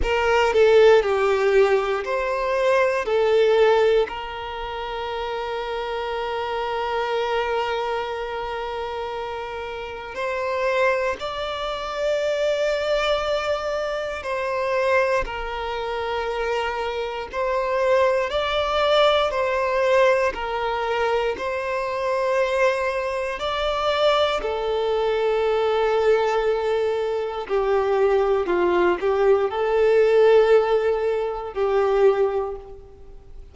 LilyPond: \new Staff \with { instrumentName = "violin" } { \time 4/4 \tempo 4 = 59 ais'8 a'8 g'4 c''4 a'4 | ais'1~ | ais'2 c''4 d''4~ | d''2 c''4 ais'4~ |
ais'4 c''4 d''4 c''4 | ais'4 c''2 d''4 | a'2. g'4 | f'8 g'8 a'2 g'4 | }